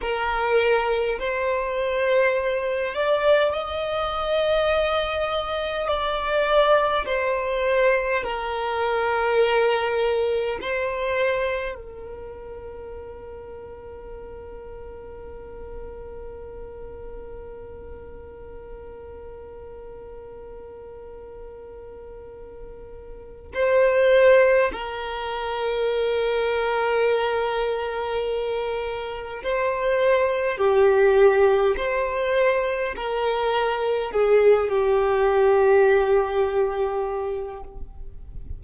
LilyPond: \new Staff \with { instrumentName = "violin" } { \time 4/4 \tempo 4 = 51 ais'4 c''4. d''8 dis''4~ | dis''4 d''4 c''4 ais'4~ | ais'4 c''4 ais'2~ | ais'1~ |
ais'1 | c''4 ais'2.~ | ais'4 c''4 g'4 c''4 | ais'4 gis'8 g'2~ g'8 | }